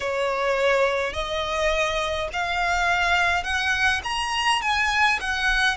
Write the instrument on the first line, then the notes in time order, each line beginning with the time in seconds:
violin
0.00 C#5
1.13 D#5
2.32 F5
3.43 F#5
4.03 A#5
4.62 G#5
5.20 F#5